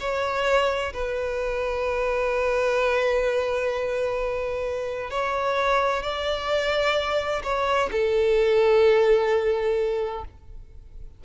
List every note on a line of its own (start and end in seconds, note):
0.00 0.93 C#5
0.93 5.11 B4
5.11 6.03 C#5
6.03 7.42 D5
7.43 7.90 C#5
7.92 10.25 A4